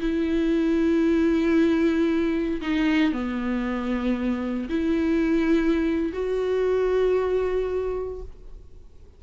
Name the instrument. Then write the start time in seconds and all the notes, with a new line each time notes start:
viola
0.00 E4
2.61 D#4
3.12 B3
4.69 E4
6.13 F#4